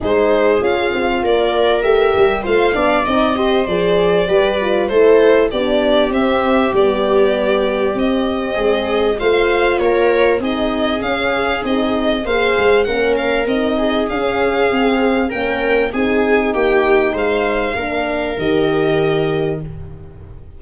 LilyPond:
<<
  \new Staff \with { instrumentName = "violin" } { \time 4/4 \tempo 4 = 98 c''4 f''4 d''4 e''4 | f''4 dis''4 d''2 | c''4 d''4 e''4 d''4~ | d''4 dis''2 f''4 |
cis''4 dis''4 f''4 dis''4 | f''4 fis''8 f''8 dis''4 f''4~ | f''4 g''4 gis''4 g''4 | f''2 dis''2 | }
  \new Staff \with { instrumentName = "viola" } { \time 4/4 gis'2 ais'2 | c''8 d''4 c''4. b'4 | a'4 g'2.~ | g'2 gis'4 c''4 |
ais'4 gis'2. | c''4 ais'4. gis'4.~ | gis'4 ais'4 gis'4 g'4 | c''4 ais'2. | }
  \new Staff \with { instrumentName = "horn" } { \time 4/4 dis'4 f'2 g'4 | f'8 d'8 dis'8 g'8 gis'4 g'8 f'8 | e'4 d'4 c'4 b4~ | b4 c'2 f'4~ |
f'4 dis'4 cis'4 dis'4 | gis'4 cis'4 dis'4 cis'4 | c'4 cis'4 dis'2~ | dis'4 d'4 g'2 | }
  \new Staff \with { instrumentName = "tuba" } { \time 4/4 gis4 cis'8 c'8 ais4 a8 g8 | a8 b8 c'4 f4 g4 | a4 b4 c'4 g4~ | g4 c'4 gis4 a4 |
ais4 c'4 cis'4 c'4 | ais8 gis8 ais4 c'4 cis'4 | c'4 ais4 c'4 ais4 | gis4 ais4 dis2 | }
>>